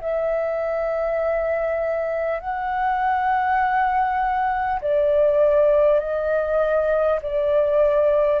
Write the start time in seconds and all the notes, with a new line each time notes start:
0.00 E5
2.39 F#5
4.81 D5
5.99 D#5
7.22 D5